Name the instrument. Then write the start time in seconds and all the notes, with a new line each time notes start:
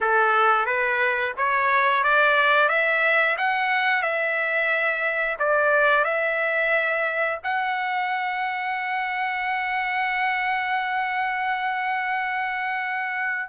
trumpet
0.01 A4
0.66 B4
1.37 C#5
2.03 D5
2.68 E5
3.37 F#5
4.02 E5
5.39 D5
6.04 E5
7.43 F#5